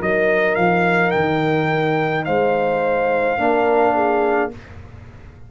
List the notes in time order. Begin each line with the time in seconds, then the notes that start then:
0.00 F#3 D#4 A#4 D#5
0.55 F3 F5
1.11 D#3 G5
2.25 G#3 C5 F5
3.38 A#3 D4 A#4
3.95 G#4